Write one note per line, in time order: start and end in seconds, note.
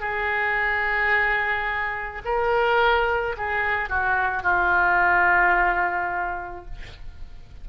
0.00 2.22 G#4
2.25 3.36 A#4
3.37 3.89 G#4
3.89 4.43 F#4
4.43 6.65 F4